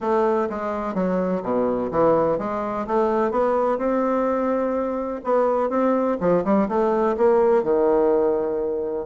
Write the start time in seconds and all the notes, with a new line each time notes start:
0.00 A3
0.49 G#3
0.94 F#3
1.43 B2
1.91 E3
2.38 G#3
2.87 A3
3.31 B3
3.78 C4
5.24 B3
5.69 C4
6.20 F3
6.44 G3
6.68 A3
7.17 A#3
7.63 D#3